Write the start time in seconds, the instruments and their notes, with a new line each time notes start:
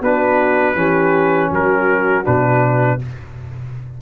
0.00 tuba B3, trombone D4, horn F#4, trumpet B4
0.74 tuba E3, trombone C#4, horn G4
1.50 tuba F#3, horn F#4, trumpet A#4
2.24 tuba B2, trombone D4, trumpet B4